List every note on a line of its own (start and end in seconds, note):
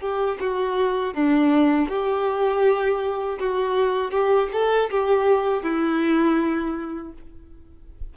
0.00 0.38 G4
0.40 1.14 F#4
1.14 1.89 D4
1.89 3.39 G4
3.39 4.11 F#4
4.11 4.49 G4
4.52 4.90 A4
4.90 5.62 G4
5.62 7.12 E4